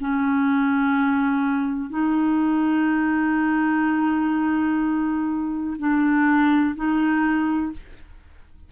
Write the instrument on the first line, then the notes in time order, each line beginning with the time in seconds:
clarinet
0.00 C#4
1.90 D#4
5.78 D4
6.75 D#4